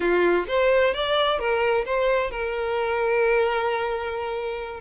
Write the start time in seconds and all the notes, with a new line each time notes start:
0.00 F4
0.48 C5
0.94 D5
1.39 A#4
1.85 C5
2.30 A#4